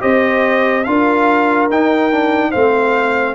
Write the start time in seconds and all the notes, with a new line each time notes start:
0.00 C4 G4 C5 D#5
0.84 D4 F4 A#4 F5
1.70 D#4 G5
2.11 D4
2.50 A3 C4 C5 F5